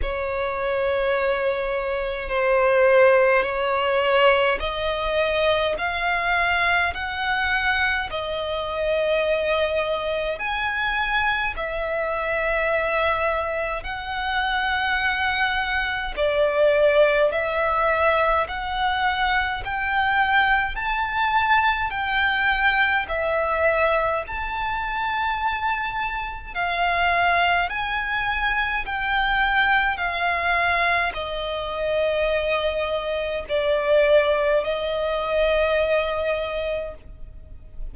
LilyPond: \new Staff \with { instrumentName = "violin" } { \time 4/4 \tempo 4 = 52 cis''2 c''4 cis''4 | dis''4 f''4 fis''4 dis''4~ | dis''4 gis''4 e''2 | fis''2 d''4 e''4 |
fis''4 g''4 a''4 g''4 | e''4 a''2 f''4 | gis''4 g''4 f''4 dis''4~ | dis''4 d''4 dis''2 | }